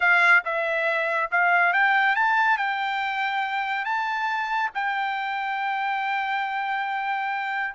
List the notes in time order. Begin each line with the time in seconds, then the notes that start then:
0.00 F5
0.44 E5
1.31 F5
1.73 G5
2.15 A5
2.57 G5
3.85 A5
4.74 G5